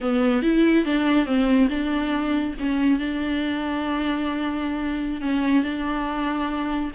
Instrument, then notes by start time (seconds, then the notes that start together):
viola
0.00 B3
0.42 E4
0.85 D4
1.26 C4
1.69 D4
2.59 C#4
2.99 D4
5.21 C#4
5.63 D4